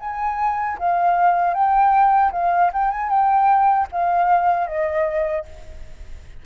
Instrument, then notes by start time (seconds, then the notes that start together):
flute
0.00 G#5
0.79 F5
1.54 G5
2.32 F5
2.73 G5
2.91 G#5
3.10 G5
3.92 F5
4.67 D#5